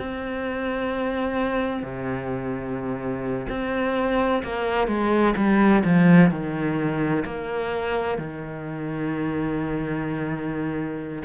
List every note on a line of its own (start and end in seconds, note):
0.00 1.83 C4
1.83 3.47 C3
3.49 4.43 C4
4.44 4.88 A#3
4.88 5.35 G#3
5.37 5.84 G3
5.85 6.31 F3
6.31 7.25 D#3
7.26 8.19 A#3
8.19 11.23 D#3